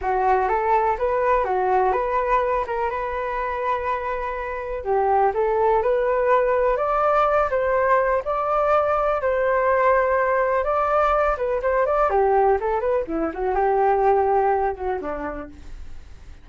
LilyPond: \new Staff \with { instrumentName = "flute" } { \time 4/4 \tempo 4 = 124 fis'4 a'4 b'4 fis'4 | b'4. ais'8 b'2~ | b'2 g'4 a'4 | b'2 d''4. c''8~ |
c''4 d''2 c''4~ | c''2 d''4. b'8 | c''8 d''8 g'4 a'8 b'8 e'8 fis'8 | g'2~ g'8 fis'8 d'4 | }